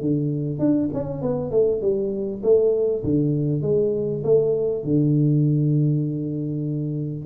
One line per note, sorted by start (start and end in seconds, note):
0.00 0.59 D3
0.59 0.89 D4
0.93 1.21 C#4
1.21 1.51 B3
1.51 1.81 A3
1.81 2.42 G3
2.42 3.03 A3
3.03 3.61 D3
3.61 4.22 G#3
4.23 4.84 A3
4.84 7.25 D3